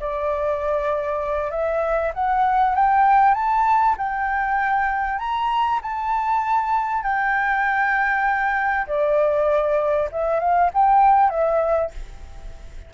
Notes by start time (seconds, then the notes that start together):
0.00 D5
1.51 E5
2.14 F#5
2.75 G5
3.35 A5
3.98 G5
5.19 A#5
5.82 A5
7.03 G5
8.87 D5
10.12 E5
10.40 F5
10.73 G5
11.30 E5